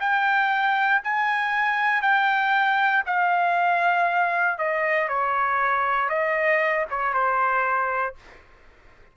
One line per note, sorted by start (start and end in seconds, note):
0.00 1.02 G5
1.03 2.02 G#5
2.02 3.03 G5
3.06 4.59 F5
4.59 5.08 D#5
5.08 6.09 C#5
6.09 6.86 D#5
6.90 7.13 C#5
7.13 8.15 C5